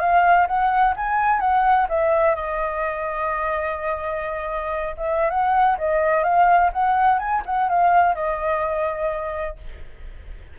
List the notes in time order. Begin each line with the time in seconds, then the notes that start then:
0.00 F5
0.47 F#5
0.97 G#5
1.40 F#5
1.89 E5
2.36 D#5
4.98 E5
5.30 F#5
5.78 D#5
6.24 F5
6.73 F#5
7.19 G#5
7.46 F#5
7.69 F5
8.15 D#5